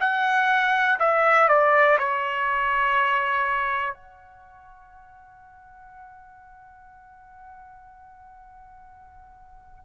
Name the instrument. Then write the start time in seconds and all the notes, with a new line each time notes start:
trumpet
0.00 F#5
0.99 E5
1.48 D5
1.99 C#5
3.93 F#5